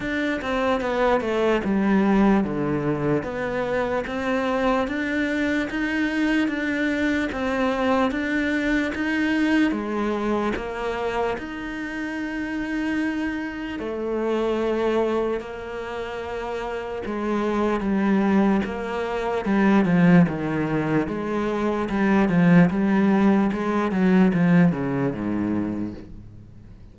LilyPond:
\new Staff \with { instrumentName = "cello" } { \time 4/4 \tempo 4 = 74 d'8 c'8 b8 a8 g4 d4 | b4 c'4 d'4 dis'4 | d'4 c'4 d'4 dis'4 | gis4 ais4 dis'2~ |
dis'4 a2 ais4~ | ais4 gis4 g4 ais4 | g8 f8 dis4 gis4 g8 f8 | g4 gis8 fis8 f8 cis8 gis,4 | }